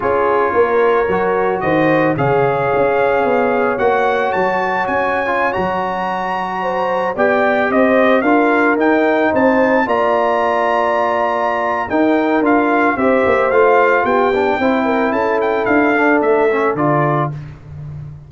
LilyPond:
<<
  \new Staff \with { instrumentName = "trumpet" } { \time 4/4 \tempo 4 = 111 cis''2. dis''4 | f''2. fis''4 | a''4 gis''4~ gis''16 ais''4.~ ais''16~ | ais''4~ ais''16 g''4 dis''4 f''8.~ |
f''16 g''4 a''4 ais''4.~ ais''16~ | ais''2 g''4 f''4 | e''4 f''4 g''2 | a''8 g''8 f''4 e''4 d''4 | }
  \new Staff \with { instrumentName = "horn" } { \time 4/4 gis'4 ais'2 c''4 | cis''1~ | cis''1~ | cis''16 c''4 d''4 c''4 ais'8.~ |
ais'4~ ais'16 c''4 d''4.~ d''16~ | d''2 ais'2 | c''2 g'4 c''8 ais'8 | a'1 | }
  \new Staff \with { instrumentName = "trombone" } { \time 4/4 f'2 fis'2 | gis'2. fis'4~ | fis'4.~ fis'16 f'8 fis'4.~ fis'16~ | fis'4~ fis'16 g'2 f'8.~ |
f'16 dis'2 f'4.~ f'16~ | f'2 dis'4 f'4 | g'4 f'4. d'8 e'4~ | e'4. d'4 cis'8 f'4 | }
  \new Staff \with { instrumentName = "tuba" } { \time 4/4 cis'4 ais4 fis4 dis4 | cis4 cis'4 b4 ais4 | fis4 cis'4~ cis'16 fis4.~ fis16~ | fis4~ fis16 b4 c'4 d'8.~ |
d'16 dis'4 c'4 ais4.~ ais16~ | ais2 dis'4 d'4 | c'8 ais8 a4 b4 c'4 | cis'4 d'4 a4 d4 | }
>>